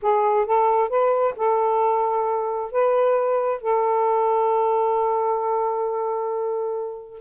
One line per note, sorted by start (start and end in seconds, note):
0.01 0.46 G#4
0.46 0.89 A4
0.89 1.34 B4
1.36 2.71 A4
2.71 3.61 B4
3.61 7.20 A4